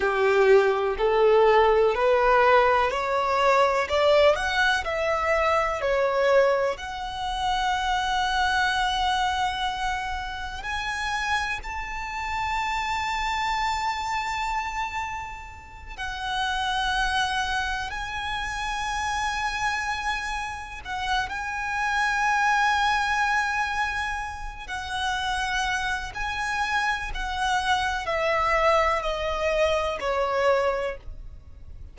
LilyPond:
\new Staff \with { instrumentName = "violin" } { \time 4/4 \tempo 4 = 62 g'4 a'4 b'4 cis''4 | d''8 fis''8 e''4 cis''4 fis''4~ | fis''2. gis''4 | a''1~ |
a''8 fis''2 gis''4.~ | gis''4. fis''8 gis''2~ | gis''4. fis''4. gis''4 | fis''4 e''4 dis''4 cis''4 | }